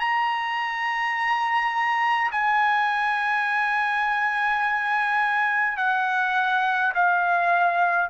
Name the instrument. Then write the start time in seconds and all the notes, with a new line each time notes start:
trumpet
0.00 A#5
2.31 G#5
5.77 F#5
6.94 F5